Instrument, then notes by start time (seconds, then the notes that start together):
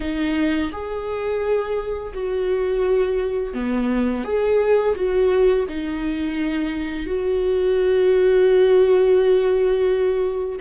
viola
0.00 D#4
0.72 G#4
2.13 F#4
3.53 B3
4.24 G#4
4.95 F#4
5.68 D#4
7.06 F#4